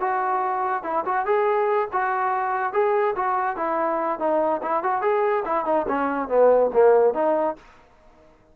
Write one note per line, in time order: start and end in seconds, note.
0.00 0.83 F#4
0.83 1.04 E4
1.05 1.26 F#4
1.26 1.89 G#4
1.92 2.73 F#4
2.73 3.15 G#4
3.16 3.56 F#4
3.56 4.19 E4
4.19 4.61 D#4
4.62 4.83 E4
4.83 5.02 F#4
5.02 5.44 G#4
5.45 5.65 E4
5.65 5.86 D#4
5.88 6.28 C#4
6.28 6.70 B3
6.73 7.14 A#3
7.14 7.56 D#4